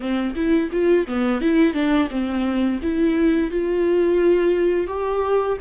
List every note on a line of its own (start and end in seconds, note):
0.00 0.34 C4
0.35 0.70 E4
0.72 1.07 F4
1.07 1.41 B3
1.41 1.73 E4
1.73 2.08 D4
2.10 2.80 C4
2.82 3.50 E4
3.50 4.87 F4
4.87 5.57 G4